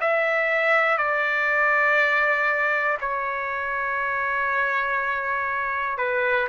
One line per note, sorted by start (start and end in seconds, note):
0.00 0.98 E5
0.98 2.98 D5
3.00 5.98 C#5
5.98 6.48 B4